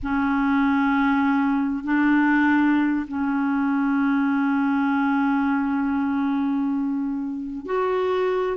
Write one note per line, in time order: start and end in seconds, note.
0.03 1.83 C#4
1.83 3.06 D4
3.07 7.65 C#4
7.65 8.57 F#4